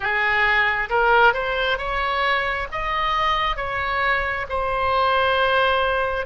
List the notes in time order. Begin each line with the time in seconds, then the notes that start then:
0.00 G#4
0.89 A#4
1.33 C5
1.77 C#5
2.71 D#5
3.56 C#5
4.49 C5